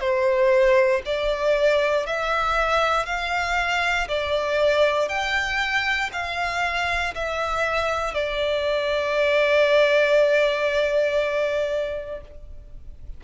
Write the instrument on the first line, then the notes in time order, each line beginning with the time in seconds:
violin
0.00 C5
1.05 D5
2.06 E5
3.06 F5
4.08 D5
5.08 G5
6.12 F5
7.14 E5
8.14 D5